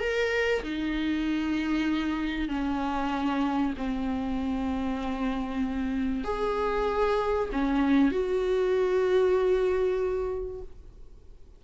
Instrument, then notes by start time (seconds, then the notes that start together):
viola
0.00 A#4
0.63 D#4
2.49 C#4
3.78 C4
6.24 G#4
7.52 C#4
8.11 F#4